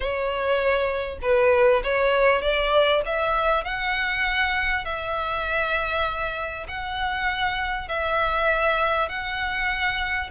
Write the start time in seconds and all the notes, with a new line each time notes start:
0.00 C#5
1.21 B4
1.83 C#5
2.41 D5
3.05 E5
3.64 F#5
4.84 E5
6.67 F#5
7.88 E5
9.08 F#5